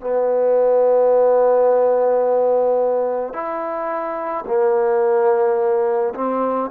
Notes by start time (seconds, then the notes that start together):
0.00 B3
3.33 E4
4.46 A#3
6.14 C4